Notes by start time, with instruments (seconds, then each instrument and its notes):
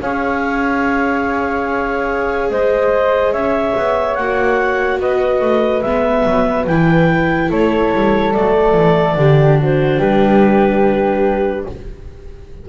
0.00 double bass C#4, viola G#4, flute C#5, clarinet F5
2.49 double bass G#3, flute C5, clarinet D#5
3.32 double bass C#4, flute C#5, clarinet E5
3.76 double bass B3
4.15 double bass A#3, viola F#4, clarinet F#5
4.99 double bass B3, flute B4, clarinet D#5
5.40 double bass A3
5.81 double bass G#3, viola B3, clarinet E5
6.25 double bass F#3
6.66 double bass E3, viola E4, clarinet G5
7.49 double bass A3, flute A4, clarinet C#5
7.93 double bass G3
8.32 double bass F#3, viola A3, clarinet D5
8.74 double bass E3
9.15 double bass D3, viola D4, flute G4
9.59 flute F#4, clarinet C5
9.98 double bass G3, flute G4, clarinet B4